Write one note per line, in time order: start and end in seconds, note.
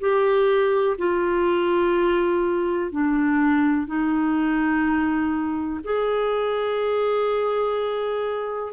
0.00 0.97 G4
0.98 2.92 F4
2.92 3.87 D4
3.87 5.81 D#4
5.84 8.73 G#4